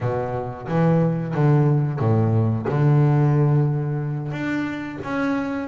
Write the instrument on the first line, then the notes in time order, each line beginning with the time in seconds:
double bass
0.00 B2
0.68 E3
1.34 D3
1.99 A2
2.68 D3
4.32 D4
5.03 C#4